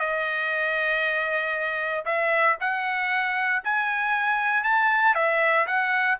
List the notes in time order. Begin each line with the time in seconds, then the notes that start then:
0.00 D#5
2.06 E5
2.61 F#5
3.64 G#5
4.64 A5
5.15 E5
5.67 F#5